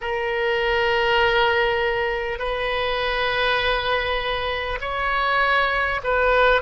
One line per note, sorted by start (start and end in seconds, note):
0.01 2.38 A#4
2.38 4.78 B4
4.80 6.00 C#5
6.03 6.61 B4